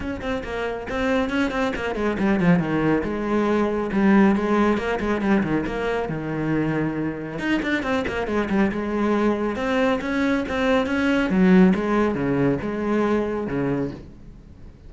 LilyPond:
\new Staff \with { instrumentName = "cello" } { \time 4/4 \tempo 4 = 138 cis'8 c'8 ais4 c'4 cis'8 c'8 | ais8 gis8 g8 f8 dis4 gis4~ | gis4 g4 gis4 ais8 gis8 | g8 dis8 ais4 dis2~ |
dis4 dis'8 d'8 c'8 ais8 gis8 g8 | gis2 c'4 cis'4 | c'4 cis'4 fis4 gis4 | cis4 gis2 cis4 | }